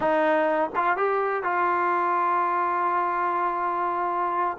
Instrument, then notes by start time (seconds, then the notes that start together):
trombone
0.00 D#4
0.75 F4
0.96 G4
1.43 F4